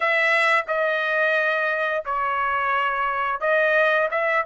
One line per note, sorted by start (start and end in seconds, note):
0.00 0.64 E5
0.67 2.04 D#5
2.05 3.40 C#5
3.40 4.08 D#5
4.11 4.45 E5